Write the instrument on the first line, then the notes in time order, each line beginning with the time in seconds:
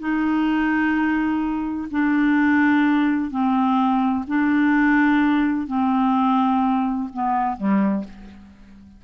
clarinet
0.00 D#4
1.92 D4
3.31 C4
4.28 D4
5.68 C4
7.13 B3
7.57 G3